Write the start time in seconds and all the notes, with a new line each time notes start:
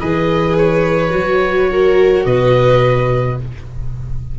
0.00 E3 G#4 B4 D#5
0.58 C#5
1.10 F#3 F#4
1.71 A#4
2.25 B2 B4 D#5